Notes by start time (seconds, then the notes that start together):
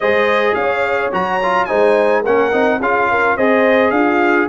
0.00 G#3 G#4 C5 D#5
0.54 C#4 C#5 F5
1.11 F#3 F#4 A#5
1.42 F4
1.65 G#3 D#4 C5 G#5
2.21 A#3 C#4 A#4 F#5
2.52 C4 D#4
2.80 C#4 F4 G#4 F5
3.10 A#4
3.36 C4 G#4 C5 D#5
3.90 D4 F4 F5